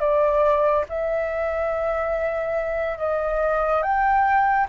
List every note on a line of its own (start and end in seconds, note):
0.00 0.85 D5
0.89 2.98 E5
2.98 3.83 D#5
3.83 4.67 G5